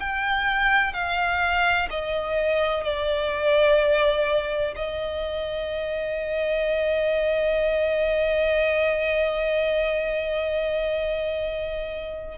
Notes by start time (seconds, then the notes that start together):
0.00 G5
0.94 F5
1.90 D#5
2.84 D5
4.76 D#5